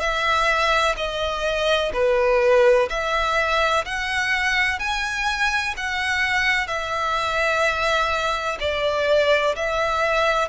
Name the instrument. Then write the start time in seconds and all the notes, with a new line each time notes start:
violin
0.00 E5
0.97 D#5
1.94 B4
2.90 E5
3.85 F#5
4.79 G#5
5.77 F#5
6.68 E5
8.60 D5
9.55 E5